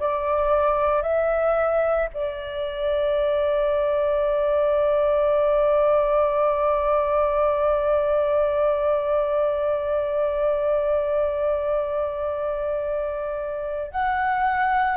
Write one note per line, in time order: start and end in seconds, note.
0.00 1.02 D5
1.02 2.09 E5
2.14 13.92 D5
13.92 14.98 F#5